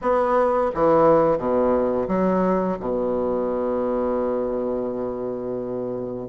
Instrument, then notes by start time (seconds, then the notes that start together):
bassoon
0.01 B3
0.74 E3
1.38 B2
2.08 F#3
2.79 B2